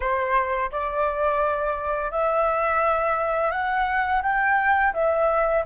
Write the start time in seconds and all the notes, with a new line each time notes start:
0.00 C5
0.71 D5
2.11 E5
3.51 F#5
4.22 G5
4.93 E5